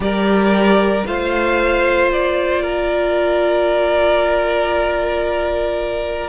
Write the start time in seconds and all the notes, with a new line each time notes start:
0.00 G3 G4 A#4 D5
1.06 A3 F4 C5 F5
2.11 A#3 D5
2.62 A#4